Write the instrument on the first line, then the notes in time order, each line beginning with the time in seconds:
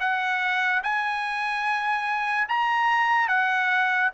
trumpet
0.00 F#5
0.84 G#5
2.48 A#5
3.28 F#5